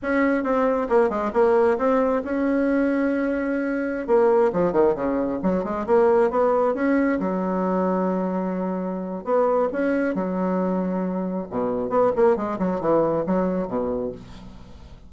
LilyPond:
\new Staff \with { instrumentName = "bassoon" } { \time 4/4 \tempo 4 = 136 cis'4 c'4 ais8 gis8 ais4 | c'4 cis'2.~ | cis'4~ cis'16 ais4 f8 dis8 cis8.~ | cis16 fis8 gis8 ais4 b4 cis'8.~ |
cis'16 fis2.~ fis8.~ | fis4 b4 cis'4 fis4~ | fis2 b,4 b8 ais8 | gis8 fis8 e4 fis4 b,4 | }